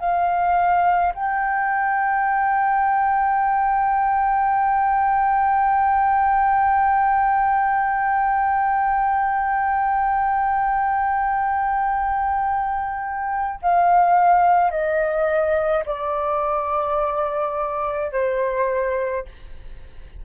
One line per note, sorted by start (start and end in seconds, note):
0.00 1.13 F5
1.15 13.61 G5
13.63 14.71 F5
14.71 15.84 D#5
15.86 18.12 D5
18.12 19.26 C5